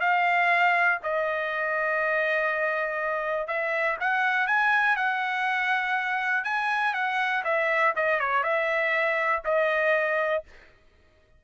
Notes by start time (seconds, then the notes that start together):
0.00 F5
1.03 D#5
3.47 E5
4.00 F#5
4.47 G#5
4.96 F#5
6.44 G#5
6.94 F#5
7.44 E5
7.96 D#5
8.20 C#5
8.44 E5
9.45 D#5